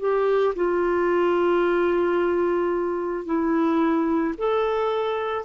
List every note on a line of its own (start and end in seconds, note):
0.00 0.55 G4
0.56 3.25 F4
3.25 4.34 E4
4.38 5.45 A4